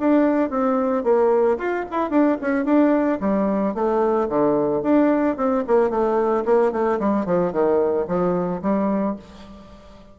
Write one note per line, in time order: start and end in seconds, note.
0.00 0.50 D4
0.50 1.04 C4
1.04 1.58 A#3
1.58 1.85 F4
1.91 2.11 E4
2.11 2.38 D4
2.42 2.65 C#4
2.65 3.19 D4
3.21 3.75 G3
3.75 4.29 A3
4.29 4.83 D3
4.83 5.37 D4
5.37 5.64 C4
5.68 5.90 A#3
5.90 6.44 A3
6.45 6.72 A#3
6.72 7.00 A3
7.00 7.26 G3
7.26 7.53 F3
7.53 8.07 D#3
8.08 8.62 F3
8.62 9.16 G3